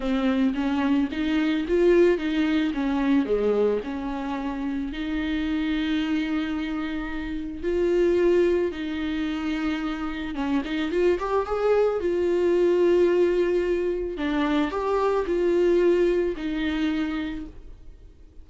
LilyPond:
\new Staff \with { instrumentName = "viola" } { \time 4/4 \tempo 4 = 110 c'4 cis'4 dis'4 f'4 | dis'4 cis'4 gis4 cis'4~ | cis'4 dis'2.~ | dis'2 f'2 |
dis'2. cis'8 dis'8 | f'8 g'8 gis'4 f'2~ | f'2 d'4 g'4 | f'2 dis'2 | }